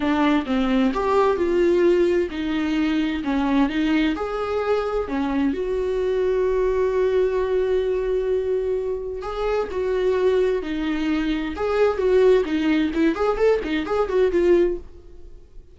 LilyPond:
\new Staff \with { instrumentName = "viola" } { \time 4/4 \tempo 4 = 130 d'4 c'4 g'4 f'4~ | f'4 dis'2 cis'4 | dis'4 gis'2 cis'4 | fis'1~ |
fis'1 | gis'4 fis'2 dis'4~ | dis'4 gis'4 fis'4 dis'4 | e'8 gis'8 a'8 dis'8 gis'8 fis'8 f'4 | }